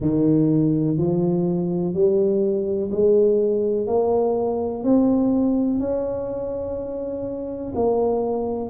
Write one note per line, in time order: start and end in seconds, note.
0.00 0.97 D#3
0.97 1.94 F3
1.94 2.90 G3
2.91 3.87 G#3
3.87 4.83 A#3
4.83 5.79 C4
5.79 7.73 C#4
7.75 8.69 A#3